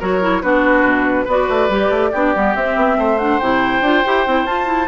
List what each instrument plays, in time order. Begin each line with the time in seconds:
0.00 bassoon F#3, clarinet F#4, oboe A#4, flute C#5
0.22 clarinet E4
0.42 bassoon B3, clarinet D4, oboe F#4, flute B4
0.84 bassoon B2
1.25 bassoon B3, clarinet F#4, oboe B4, flute D5
1.49 bassoon A3
1.69 bassoon G3, clarinet G4
1.90 bassoon A3
2.12 bassoon B3, clarinet D4, oboe G4
2.35 bassoon G3, clarinet B3
2.55 bassoon C4, clarinet C4, flute E5
2.76 bassoon B3
2.98 bassoon A3, oboe C5
3.19 clarinet D4, flute F#5
3.40 bassoon C3, clarinet E4, flute G5
3.82 bassoon D4, clarinet F4
4.06 bassoon E4, clarinet G4
4.27 bassoon C4, clarinet E4
4.45 bassoon F4, clarinet F4, flute A5
4.66 clarinet E4